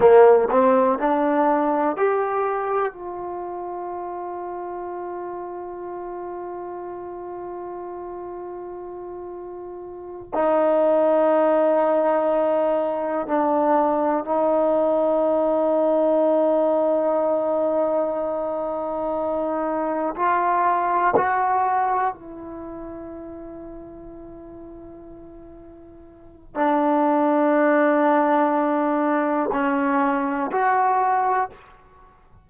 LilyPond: \new Staff \with { instrumentName = "trombone" } { \time 4/4 \tempo 4 = 61 ais8 c'8 d'4 g'4 f'4~ | f'1~ | f'2~ f'8 dis'4.~ | dis'4. d'4 dis'4.~ |
dis'1~ | dis'8 f'4 fis'4 e'4.~ | e'2. d'4~ | d'2 cis'4 fis'4 | }